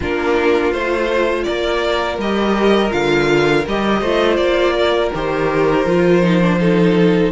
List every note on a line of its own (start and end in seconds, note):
0.00 0.72 A#3
0.00 0.74 D4
0.00 1.45 F4
0.00 0.72 A#4
0.72 1.46 A3
0.72 2.20 F4
0.72 1.43 C5
1.43 2.18 A#3
1.43 4.00 A#4
1.43 2.16 D5
2.18 2.91 G3
2.18 2.90 G4
2.18 2.92 D#5
2.90 3.66 D3
2.90 3.63 F4
2.90 3.65 F5
3.67 4.01 G3
3.67 4.03 G4
3.67 4.36 D#5
4.00 4.37 A3
4.00 5.12 F4
4.00 4.73 C5
4.36 5.11 A#3
4.36 5.09 D5
4.74 6.57 A#4
5.14 5.85 D#3
5.14 5.86 G4
5.14 7.32 C5
5.85 7.31 F3
5.85 6.22 F4
6.22 6.41 D#4
6.41 6.59 D4
6.59 7.32 D#4
6.59 7.32 A4